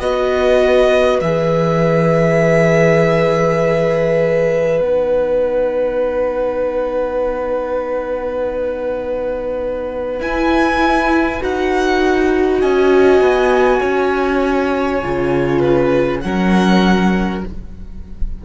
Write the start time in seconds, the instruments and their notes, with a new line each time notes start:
0.00 cello B3, viola F#4, violin B4 D#5
1.21 cello E3, viola G#4, violin E5
4.80 cello B3, viola D#4, violin F#5
10.20 cello E4, viola E4, violin G#5
11.40 cello D#4, viola F#4, violin F#5
12.60 cello C#4, violin D#5 G#5
13.21 cello B3
13.80 cello C#4, violin C#5
15.03 cello C#3, viola F4
15.59 violin B4
16.21 cello F#3, viola C#4, violin A#4 F#5